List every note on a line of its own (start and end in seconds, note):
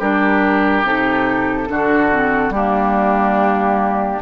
0.00 0.84 G3
0.00 0.86 D4
0.00 1.69 G4
0.00 0.85 A#4
0.84 1.68 C3
0.84 1.67 D#4
0.84 2.53 A4
1.67 2.50 D3
1.67 2.09 D4
1.67 2.54 F#4
2.12 2.54 C4
2.50 4.19 G3
2.50 4.22 A#3
2.50 4.22 D4
2.50 4.22 G4